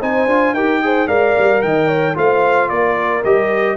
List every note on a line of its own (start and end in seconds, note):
0.00 0.26 C4
0.00 0.28 D#4
0.00 0.54 C5
0.00 0.54 G#5
0.26 0.53 D4
0.26 0.55 F4
0.53 1.07 D#4
0.53 0.83 G4
0.53 0.81 A#4
0.53 1.08 G5
0.83 1.08 G#4
0.83 1.08 C5
1.07 1.34 G#3
1.07 2.14 A#4
1.07 1.62 D5
1.07 1.62 F5
1.38 1.63 G3
1.62 2.17 D#3
1.62 1.88 D#5
1.62 2.16 G5
1.88 2.15 C#5
2.14 2.69 A3
2.14 3.22 F4
2.14 2.70 C5
2.14 2.69 F5
2.69 3.23 A#3
2.69 3.76 A#4
2.69 3.23 D5
3.23 3.76 G3
3.23 3.76 G4
3.23 3.76 D#5